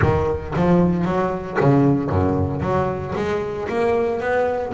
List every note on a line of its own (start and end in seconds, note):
0.01 0.54 D#3
0.56 1.05 F3
1.05 1.57 F#3
1.60 2.09 C#3
2.09 2.61 F#2
2.61 3.13 F#3
3.15 3.68 G#3
3.68 4.20 A#3
4.20 4.72 B3